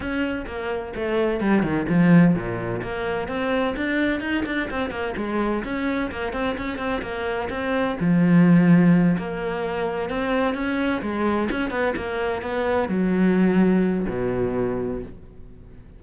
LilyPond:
\new Staff \with { instrumentName = "cello" } { \time 4/4 \tempo 4 = 128 cis'4 ais4 a4 g8 dis8 | f4 ais,4 ais4 c'4 | d'4 dis'8 d'8 c'8 ais8 gis4 | cis'4 ais8 c'8 cis'8 c'8 ais4 |
c'4 f2~ f8 ais8~ | ais4. c'4 cis'4 gis8~ | gis8 cis'8 b8 ais4 b4 fis8~ | fis2 b,2 | }